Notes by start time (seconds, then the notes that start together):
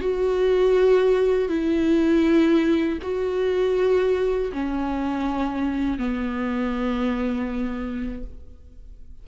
0.00 F#4
1.48 E4
3.02 F#4
4.52 C#4
5.98 B3